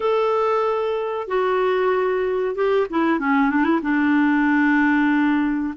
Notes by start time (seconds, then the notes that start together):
0.00 A4
1.27 F#4
2.55 G4
2.90 E4
3.19 C#4
3.50 D4
3.64 E4
3.82 D4